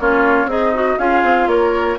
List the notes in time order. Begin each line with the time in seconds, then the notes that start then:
0.00 A#3 C#4 F4 C#5
0.46 C4 D#4 G#4 D#5
0.74 F#4
0.99 C#4 F4 G#4 F5
1.23 C4
1.47 A#3 A#4 C#5